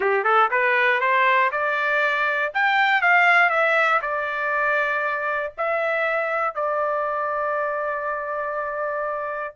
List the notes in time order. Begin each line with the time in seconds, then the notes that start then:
0.00 G4
0.24 A4
0.50 B4
1.00 C5
1.51 D5
2.54 G5
3.01 F5
3.49 E5
4.01 D5
5.57 E5
6.54 D5